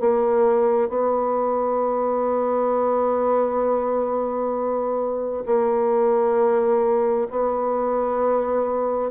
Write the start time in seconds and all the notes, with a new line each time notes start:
0.00 A#3
0.89 B3
5.46 A#3
7.30 B3